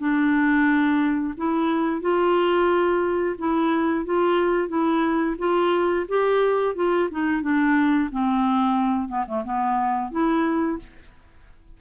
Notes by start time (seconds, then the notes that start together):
0.00 D4
1.38 E4
2.02 F4
3.39 E4
4.06 F4
4.69 E4
5.39 F4
6.09 G4
6.76 F4
7.11 D#4
7.42 D4
8.12 C4
9.09 B3
9.28 A3
9.45 B3
10.12 E4